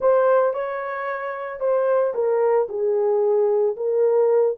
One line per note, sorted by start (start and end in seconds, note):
0.00 0.53 C5
0.53 1.59 C#5
1.59 2.13 C5
2.14 2.68 A#4
2.68 3.75 G#4
3.76 4.56 A#4